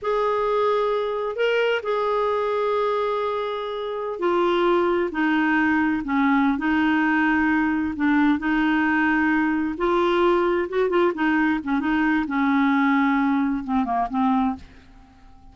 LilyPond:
\new Staff \with { instrumentName = "clarinet" } { \time 4/4 \tempo 4 = 132 gis'2. ais'4 | gis'1~ | gis'4~ gis'16 f'2 dis'8.~ | dis'4~ dis'16 cis'4~ cis'16 dis'4.~ |
dis'4. d'4 dis'4.~ | dis'4. f'2 fis'8 | f'8 dis'4 cis'8 dis'4 cis'4~ | cis'2 c'8 ais8 c'4 | }